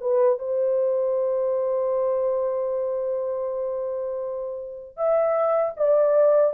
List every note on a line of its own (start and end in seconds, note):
0.00 0.38 B4
0.38 4.97 C5
4.97 5.73 E5
5.76 6.53 D5